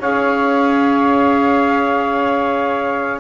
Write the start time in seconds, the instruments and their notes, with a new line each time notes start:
0.00 double bass C#4, clarinet G#4, saxophone C#5, trumpet F5